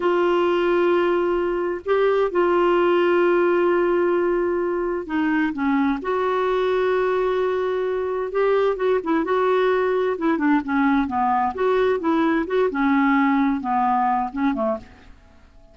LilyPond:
\new Staff \with { instrumentName = "clarinet" } { \time 4/4 \tempo 4 = 130 f'1 | g'4 f'2.~ | f'2. dis'4 | cis'4 fis'2.~ |
fis'2 g'4 fis'8 e'8 | fis'2 e'8 d'8 cis'4 | b4 fis'4 e'4 fis'8 cis'8~ | cis'4. b4. cis'8 a8 | }